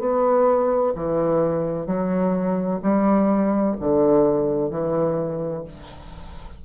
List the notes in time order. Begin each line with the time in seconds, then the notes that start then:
0.00 B3
0.95 E3
1.87 F#3
2.83 G3
3.81 D3
4.70 E3